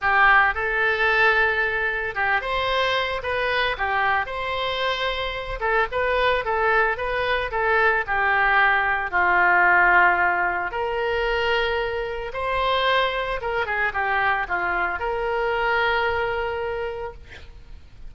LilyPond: \new Staff \with { instrumentName = "oboe" } { \time 4/4 \tempo 4 = 112 g'4 a'2. | g'8 c''4. b'4 g'4 | c''2~ c''8 a'8 b'4 | a'4 b'4 a'4 g'4~ |
g'4 f'2. | ais'2. c''4~ | c''4 ais'8 gis'8 g'4 f'4 | ais'1 | }